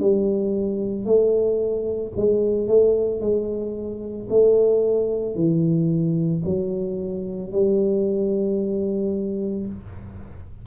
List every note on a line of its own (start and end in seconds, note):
0.00 1.05 G3
1.05 2.13 A3
2.17 2.68 G#3
2.68 3.20 A3
3.20 4.28 G#3
4.30 5.35 A3
5.35 6.42 E3
6.45 7.52 F#3
7.52 9.67 G3